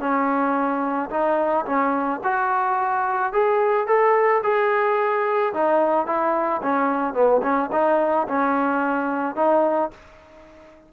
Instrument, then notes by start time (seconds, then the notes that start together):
trombone
0.00 C#4
1.10 D#4
1.66 C#4
2.24 F#4
3.33 G#4
3.87 A4
4.44 G#4
5.54 D#4
6.07 E4
6.63 C#4
7.14 B3
7.43 C#4
7.72 D#4
8.28 C#4
9.36 D#4